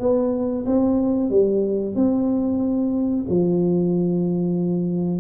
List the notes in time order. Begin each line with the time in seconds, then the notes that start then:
0.00 B3
0.66 C4
1.30 G3
1.95 C4
3.29 F3